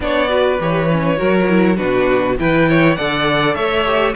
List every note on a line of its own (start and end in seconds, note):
0.00 0.59 B3
0.00 0.28 D4
0.00 0.30 C#5
0.00 0.60 D5
0.28 0.58 F#4
0.28 1.17 B4
0.59 1.19 E3
0.59 0.89 G4
0.59 1.76 C#5
0.90 1.16 C#4
1.16 1.79 F#3
1.16 1.46 F#4
1.16 1.76 A#4
1.49 1.76 E4
1.76 2.38 B2
1.76 2.36 D4
1.76 2.36 F#4
1.76 2.36 B4
2.38 2.98 E3
2.38 2.98 E4
2.38 2.69 B4
2.38 2.95 G5
2.69 2.96 C#5
2.95 3.55 D3
2.95 3.85 A4
2.95 3.55 D5
2.95 3.54 F#5
3.54 4.14 A3
3.54 4.14 C#5
3.54 4.13 E5
3.85 4.14 G4